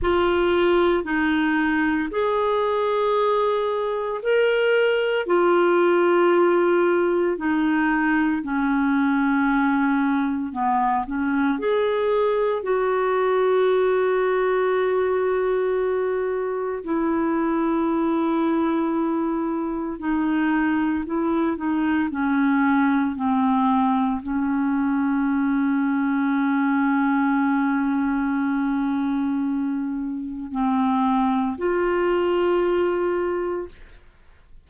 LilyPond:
\new Staff \with { instrumentName = "clarinet" } { \time 4/4 \tempo 4 = 57 f'4 dis'4 gis'2 | ais'4 f'2 dis'4 | cis'2 b8 cis'8 gis'4 | fis'1 |
e'2. dis'4 | e'8 dis'8 cis'4 c'4 cis'4~ | cis'1~ | cis'4 c'4 f'2 | }